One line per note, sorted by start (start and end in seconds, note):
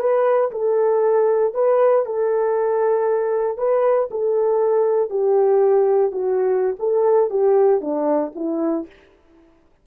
0.00 0.51 B4
0.52 1.54 A4
1.54 2.06 B4
2.06 3.58 A4
3.58 4.09 B4
4.11 5.10 A4
5.10 6.12 G4
6.12 6.76 F#4
6.79 7.30 A4
7.30 7.81 G4
7.81 8.32 D4
8.35 8.87 E4